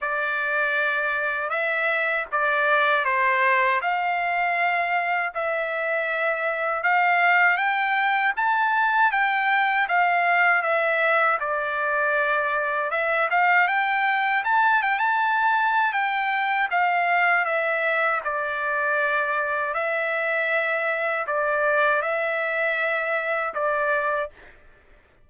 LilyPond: \new Staff \with { instrumentName = "trumpet" } { \time 4/4 \tempo 4 = 79 d''2 e''4 d''4 | c''4 f''2 e''4~ | e''4 f''4 g''4 a''4 | g''4 f''4 e''4 d''4~ |
d''4 e''8 f''8 g''4 a''8 g''16 a''16~ | a''4 g''4 f''4 e''4 | d''2 e''2 | d''4 e''2 d''4 | }